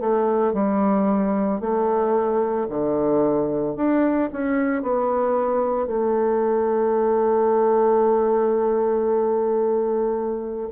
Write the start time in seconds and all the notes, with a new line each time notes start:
0.00 A3
0.53 G3
1.60 A3
2.69 D3
3.76 D4
4.32 C#4
4.82 B3
5.87 A3